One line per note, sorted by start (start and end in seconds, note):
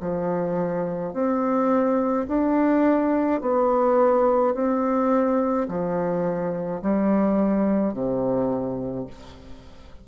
0.00 1.13 F3
1.13 2.26 C4
2.27 3.41 D4
3.41 4.54 B3
4.54 5.67 C4
5.68 6.81 F3
6.82 7.93 G3
7.93 9.06 C3